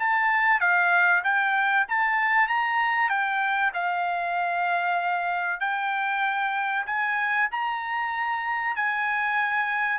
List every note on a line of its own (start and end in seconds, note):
0.00 0.61 A5
0.61 1.23 F5
1.24 1.87 G5
1.89 2.48 A5
2.48 3.10 A#5
3.10 3.72 G5
3.74 5.61 F5
5.61 6.86 G5
6.87 7.49 G#5
7.52 8.76 A#5
8.76 9.99 G#5